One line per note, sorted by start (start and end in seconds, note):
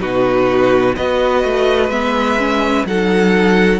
0.00 0.97 B2
0.00 0.95 D#4
0.00 0.95 F#4
0.00 0.95 B4
0.96 1.44 B3
0.96 1.91 F#4
0.96 2.87 B4
0.96 1.89 D#5
1.44 1.89 A3
1.89 2.84 G#3
1.89 2.38 B3
1.89 2.85 E5
2.38 2.86 C#4
2.85 3.80 F#3
2.85 3.80 D#4
2.85 3.80 A4
2.85 3.80 F#5